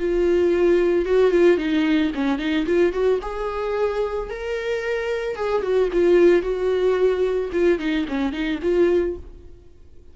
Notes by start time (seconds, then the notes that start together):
0.00 F4
1.06 F#4
1.31 F4
1.58 D#4
2.15 C#4
2.39 D#4
2.67 F4
2.93 F#4
3.22 G#4
4.30 A#4
5.36 G#4
5.62 F#4
5.93 F4
6.43 F#4
7.53 F4
7.79 D#4
8.08 C#4
8.33 D#4
8.62 F4